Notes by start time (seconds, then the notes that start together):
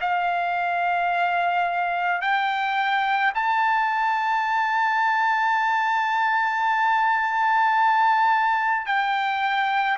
0.00 F5
2.21 G5
3.34 A5
8.86 G5